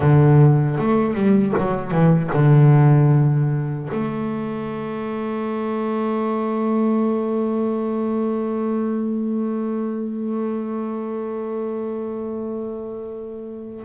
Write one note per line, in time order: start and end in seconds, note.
0.00 0.78 D3
0.78 1.14 A3
1.14 1.53 G3
1.58 1.91 F#3
1.91 2.30 E3
2.33 3.89 D3
3.91 13.85 A3